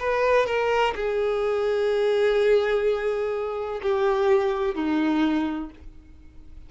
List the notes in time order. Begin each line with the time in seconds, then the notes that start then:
0.00 B4
0.47 A#4
0.96 G#4
3.83 G4
4.75 D#4